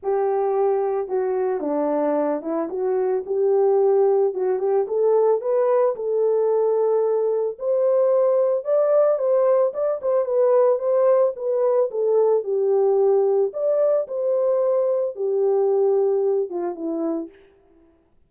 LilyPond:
\new Staff \with { instrumentName = "horn" } { \time 4/4 \tempo 4 = 111 g'2 fis'4 d'4~ | d'8 e'8 fis'4 g'2 | fis'8 g'8 a'4 b'4 a'4~ | a'2 c''2 |
d''4 c''4 d''8 c''8 b'4 | c''4 b'4 a'4 g'4~ | g'4 d''4 c''2 | g'2~ g'8 f'8 e'4 | }